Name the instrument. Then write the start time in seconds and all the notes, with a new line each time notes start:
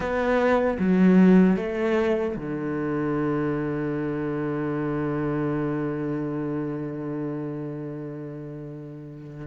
cello
0.00 B3
0.79 F#3
1.56 A3
2.36 D3